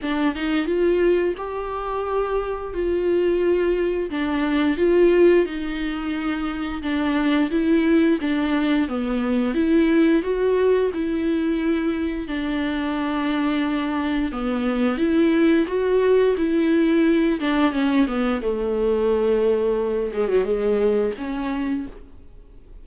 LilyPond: \new Staff \with { instrumentName = "viola" } { \time 4/4 \tempo 4 = 88 d'8 dis'8 f'4 g'2 | f'2 d'4 f'4 | dis'2 d'4 e'4 | d'4 b4 e'4 fis'4 |
e'2 d'2~ | d'4 b4 e'4 fis'4 | e'4. d'8 cis'8 b8 a4~ | a4. gis16 fis16 gis4 cis'4 | }